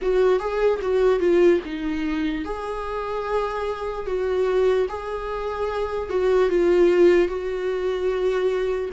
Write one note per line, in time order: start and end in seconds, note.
0.01 0.39 F#4
0.39 0.80 G#4
0.81 1.19 F#4
1.19 1.60 F4
1.65 2.45 D#4
2.45 4.06 G#4
4.06 4.87 F#4
4.89 6.09 G#4
6.09 6.49 F#4
6.49 7.28 F4
7.28 8.90 F#4